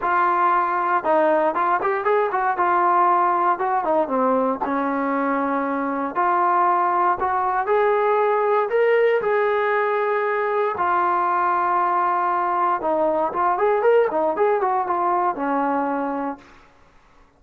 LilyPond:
\new Staff \with { instrumentName = "trombone" } { \time 4/4 \tempo 4 = 117 f'2 dis'4 f'8 g'8 | gis'8 fis'8 f'2 fis'8 dis'8 | c'4 cis'2. | f'2 fis'4 gis'4~ |
gis'4 ais'4 gis'2~ | gis'4 f'2.~ | f'4 dis'4 f'8 gis'8 ais'8 dis'8 | gis'8 fis'8 f'4 cis'2 | }